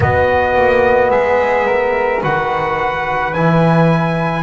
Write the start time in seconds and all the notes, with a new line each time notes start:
0.00 B3 F#4 D#5
0.55 A#3
1.10 G#3 G#4 E5
1.66 A#4
2.21 D#3 F#4 B4 F#5
3.33 E3 E4 G#5